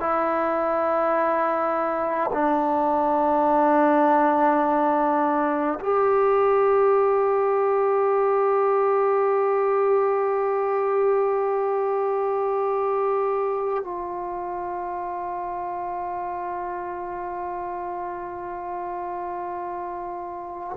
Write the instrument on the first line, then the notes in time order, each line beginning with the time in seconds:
trombone
0.00 E4
2.33 D4
5.81 G4
13.84 F4